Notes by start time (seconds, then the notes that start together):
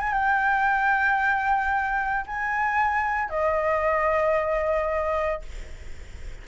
0.00 G#5
0.14 G5
2.27 G#5
3.30 D#5